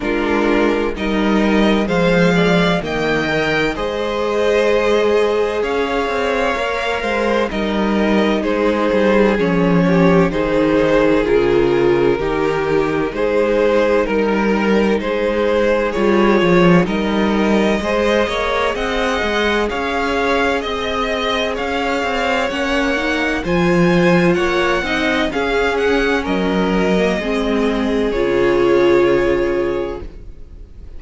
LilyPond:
<<
  \new Staff \with { instrumentName = "violin" } { \time 4/4 \tempo 4 = 64 ais'4 dis''4 f''4 g''4 | dis''2 f''2 | dis''4 c''4 cis''4 c''4 | ais'2 c''4 ais'4 |
c''4 cis''4 dis''2 | fis''4 f''4 dis''4 f''4 | fis''4 gis''4 fis''4 f''8 fis''8 | dis''2 cis''2 | }
  \new Staff \with { instrumentName = "violin" } { \time 4/4 f'4 ais'4 c''8 d''8 dis''4 | c''2 cis''4. c''8 | ais'4 gis'4. g'8 gis'4~ | gis'4 g'4 gis'4 ais'4 |
gis'2 ais'4 c''8 cis''8 | dis''4 cis''4 dis''4 cis''4~ | cis''4 c''4 cis''8 dis''8 gis'4 | ais'4 gis'2. | }
  \new Staff \with { instrumentName = "viola" } { \time 4/4 d'4 dis'4 gis4 ais8 ais'8 | gis'2. ais'4 | dis'2 cis'4 dis'4 | f'4 dis'2.~ |
dis'4 f'4 dis'4 gis'4~ | gis'1 | cis'8 dis'8 f'4. dis'8 cis'4~ | cis'8. ais16 c'4 f'2 | }
  \new Staff \with { instrumentName = "cello" } { \time 4/4 gis4 g4 f4 dis4 | gis2 cis'8 c'8 ais8 gis8 | g4 gis8 g8 f4 dis4 | cis4 dis4 gis4 g4 |
gis4 g8 f8 g4 gis8 ais8 | c'8 gis8 cis'4 c'4 cis'8 c'8 | ais4 f4 ais8 c'8 cis'4 | fis4 gis4 cis2 | }
>>